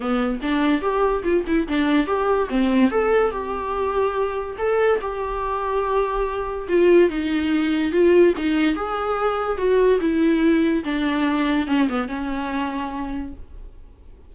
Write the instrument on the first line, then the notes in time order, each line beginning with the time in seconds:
viola
0.00 B3
0.42 D4
0.81 G4
1.23 F4
1.47 E4
1.68 D4
2.06 G4
2.49 C4
2.91 A4
3.31 G4
4.58 A4
5.01 G4
6.68 F4
7.09 D#4
7.91 F4
8.37 D#4
8.75 G#4
9.57 F#4
10.00 E4
10.84 D4
11.67 C#4
11.88 B3
12.07 C#4